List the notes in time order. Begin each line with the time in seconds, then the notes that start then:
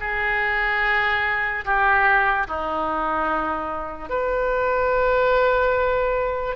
0.00 G#4
1.65 G4
2.47 D#4
4.09 B4